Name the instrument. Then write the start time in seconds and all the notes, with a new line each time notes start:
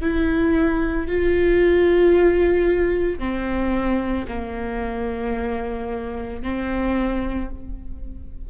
viola
0.00 E4
1.07 F4
3.19 C4
4.28 A#3
6.42 C4